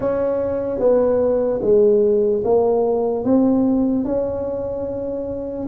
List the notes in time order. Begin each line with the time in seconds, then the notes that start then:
0.00 C#4
0.79 B3
1.62 G#3
2.44 A#3
3.24 C4
4.05 C#4